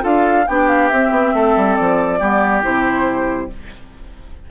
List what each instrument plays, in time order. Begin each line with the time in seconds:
0.00 bassoon D4, clarinet F4, oboe A4, flute F5
0.47 bassoon B3, clarinet D4, oboe G4, flute G5
0.67 flute F5
0.88 bassoon C4, clarinet C4, flute E5
1.10 bassoon B3
1.34 bassoon A3, oboe A4
1.56 bassoon G3
1.75 bassoon F3, flute D5
2.19 bassoon G3, clarinet B3, oboe G4
2.62 bassoon C3, clarinet E4, flute C5